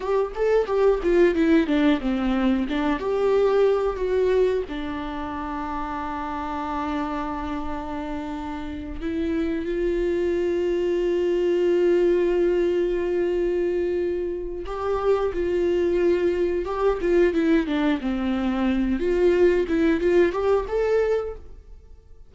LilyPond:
\new Staff \with { instrumentName = "viola" } { \time 4/4 \tempo 4 = 90 g'8 a'8 g'8 f'8 e'8 d'8 c'4 | d'8 g'4. fis'4 d'4~ | d'1~ | d'4. e'4 f'4.~ |
f'1~ | f'2 g'4 f'4~ | f'4 g'8 f'8 e'8 d'8 c'4~ | c'8 f'4 e'8 f'8 g'8 a'4 | }